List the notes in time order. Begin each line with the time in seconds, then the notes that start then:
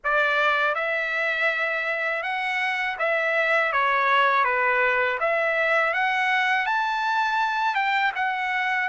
0.04 D5
0.74 E5
2.22 F#5
2.98 E5
3.72 C#5
4.44 B4
5.20 E5
5.93 F#5
6.65 A5
7.74 G5
8.15 F#5